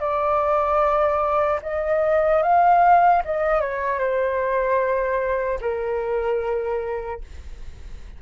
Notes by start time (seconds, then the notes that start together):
0.00 D5
1.63 D#5
2.43 F5
3.24 D#5
3.61 C#5
3.99 C5
5.61 A#4